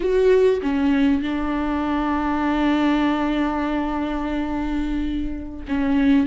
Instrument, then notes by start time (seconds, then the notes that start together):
viola
0.00 F#4
0.62 C#4
1.22 D4
5.68 C#4